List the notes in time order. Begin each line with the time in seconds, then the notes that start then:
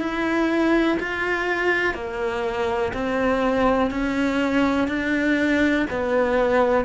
0.00 E4
1.00 F4
1.95 A#3
2.94 C4
3.91 C#4
4.88 D4
5.91 B3